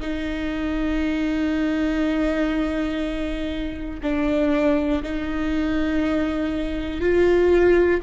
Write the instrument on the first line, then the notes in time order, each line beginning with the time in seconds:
viola
0.00 D#4
4.02 D4
5.03 D#4
7.00 F4